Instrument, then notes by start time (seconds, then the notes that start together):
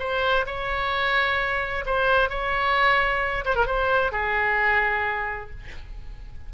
oboe
0.00 C5
0.47 C#5
1.86 C5
2.30 C#5
3.46 C5
3.56 A#4
3.67 C5
4.12 G#4